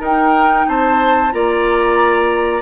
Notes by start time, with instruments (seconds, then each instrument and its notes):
0.00 bassoon D#4, clarinet D#4, oboe A#4, flute G5
0.68 bassoon C4, oboe C5, flute A5
1.32 bassoon A#3, clarinet F4, oboe D5, flute A#5